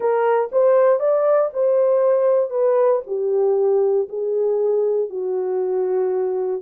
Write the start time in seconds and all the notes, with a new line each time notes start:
0.00 A#4
0.52 C5
0.99 D5
1.53 C5
2.50 B4
3.06 G4
4.09 G#4
5.09 F#4